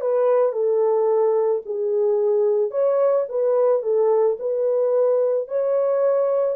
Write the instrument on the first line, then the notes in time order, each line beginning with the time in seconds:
horn
0.00 B4
0.52 A4
1.65 G#4
2.70 C#5
3.28 B4
3.82 A4
4.39 B4
5.47 C#5